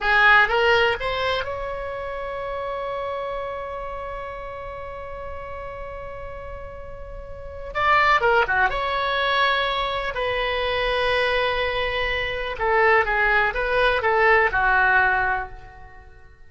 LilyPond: \new Staff \with { instrumentName = "oboe" } { \time 4/4 \tempo 4 = 124 gis'4 ais'4 c''4 cis''4~ | cis''1~ | cis''1~ | cis''1 |
d''4 ais'8 fis'8 cis''2~ | cis''4 b'2.~ | b'2 a'4 gis'4 | b'4 a'4 fis'2 | }